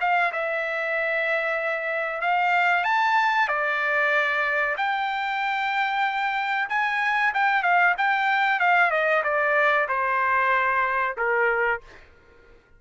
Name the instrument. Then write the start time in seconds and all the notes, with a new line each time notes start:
trumpet
0.00 F5
0.32 E5
2.21 F5
2.84 A5
3.48 D5
4.77 G5
6.69 G#5
7.34 G5
7.62 F5
7.98 G5
8.59 F5
8.91 D#5
9.23 D5
9.88 C5
11.17 A#4